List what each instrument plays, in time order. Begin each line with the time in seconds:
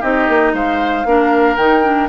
0.00 bassoon C4, clarinet D#4, oboe G4, flute D#5
0.28 bassoon A#3
0.53 bassoon G#3, oboe C5, flute F5
1.04 bassoon A#3, clarinet D4, oboe A#4
1.56 bassoon D#3, clarinet D#4, flute G5
1.83 clarinet D4